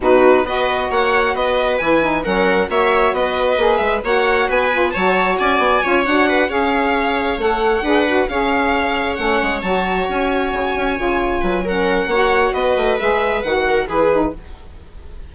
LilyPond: <<
  \new Staff \with { instrumentName = "violin" } { \time 4/4 \tempo 4 = 134 b'4 dis''4 fis''4 dis''4 | gis''4 fis''4 e''4 dis''4~ | dis''8 e''8 fis''4 gis''4 a''4 | gis''4. fis''4 f''4.~ |
f''8 fis''2 f''4.~ | f''8 fis''4 a''4 gis''4.~ | gis''2 fis''2 | dis''4 e''4 fis''4 b'4 | }
  \new Staff \with { instrumentName = "viola" } { \time 4/4 fis'4 b'4 cis''4 b'4~ | b'4 ais'4 cis''4 b'4~ | b'4 cis''4 b'4 cis''4 | d''4 cis''4 b'8 cis''4.~ |
cis''4. b'4 cis''4.~ | cis''1~ | cis''4. b'8 ais'4 cis''4 | b'2~ b'8 ais'8 gis'4 | }
  \new Staff \with { instrumentName = "saxophone" } { \time 4/4 dis'4 fis'2. | e'8 dis'8 cis'4 fis'2 | gis'4 fis'4. f'8 fis'4~ | fis'4 f'8 fis'4 gis'4.~ |
gis'8 a'4 gis'8 fis'8 gis'4.~ | gis'8 cis'4 fis'2~ fis'8~ | fis'8 f'4. cis'4 fis'4~ | fis'4 gis'4 fis'4 e'8 dis'8 | }
  \new Staff \with { instrumentName = "bassoon" } { \time 4/4 b,4 b4 ais4 b4 | e4 fis4 ais4 b4 | ais8 gis8 ais4 b4 fis4 | cis'8 b8 cis'8 d'4 cis'4.~ |
cis'8 a4 d'4 cis'4.~ | cis'8 a8 gis8 fis4 cis'4 cis8 | cis'8 cis4 fis4. ais4 | b8 a8 gis4 dis4 e4 | }
>>